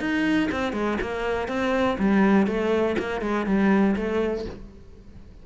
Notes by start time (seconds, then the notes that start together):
0.00 D#4
0.51 C4
0.73 G#3
1.01 A#3
1.48 C4
1.99 G3
2.47 A3
2.99 A#3
3.21 G#3
3.46 G3
3.96 A3